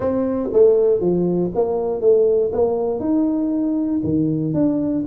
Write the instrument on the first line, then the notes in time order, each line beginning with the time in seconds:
tuba
0.00 C4
0.52 A3
1.00 F3
1.54 A#3
2.00 A3
2.52 A#3
2.99 D#4
4.03 D#3
4.54 D4